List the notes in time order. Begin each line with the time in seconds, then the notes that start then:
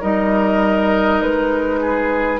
0.00 G3 D#4 A#4 D#5
1.22 G#3 B4
1.81 G#4